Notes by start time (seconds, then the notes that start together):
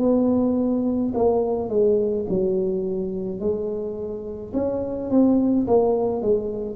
0.00 B3
1.15 A#3
1.70 G#3
2.30 F#3
3.40 G#3
4.54 C#4
5.10 C4
5.68 A#3
6.22 G#3